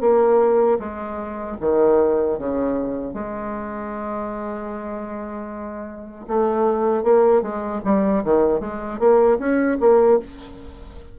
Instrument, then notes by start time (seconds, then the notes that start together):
bassoon
0.00 A#3
0.79 G#3
1.60 D#3
2.38 C#3
3.13 G#3
6.27 A3
7.03 A#3
7.41 G#3
7.84 G3
8.23 D#3
8.60 G#3
8.99 A#3
9.38 C#4
9.80 A#3